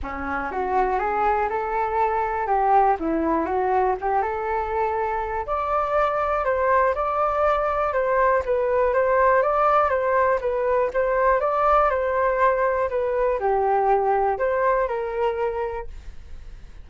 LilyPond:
\new Staff \with { instrumentName = "flute" } { \time 4/4 \tempo 4 = 121 cis'4 fis'4 gis'4 a'4~ | a'4 g'4 e'4 fis'4 | g'8 a'2~ a'8 d''4~ | d''4 c''4 d''2 |
c''4 b'4 c''4 d''4 | c''4 b'4 c''4 d''4 | c''2 b'4 g'4~ | g'4 c''4 ais'2 | }